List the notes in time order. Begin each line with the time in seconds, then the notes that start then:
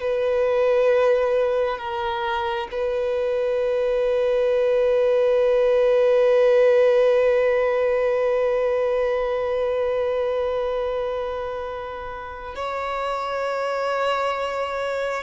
0.00 B4
1.78 A#4
2.71 B4
12.55 C#5